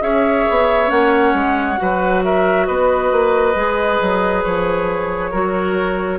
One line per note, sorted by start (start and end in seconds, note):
0.00 0.46 C#4
0.00 0.87 G#4
0.00 1.79 C#5
0.00 0.90 E5
0.49 0.90 B3
0.87 1.34 A#3
0.87 1.76 C#4
0.87 2.22 F#5
1.34 1.78 G#3
1.77 2.69 F#3
1.77 3.53 F#4
1.77 2.24 B4
2.24 2.67 A#4
2.24 2.66 E5
2.66 3.12 B3
2.66 5.31 B4
2.66 4.42 D#5
3.12 3.55 A#3
3.55 3.99 G#3
3.55 5.32 G#4
4.01 4.45 F#3
4.43 5.33 F3
4.43 6.19 C#5
5.31 6.19 F#3
5.31 6.19 F#4
5.31 6.19 A#4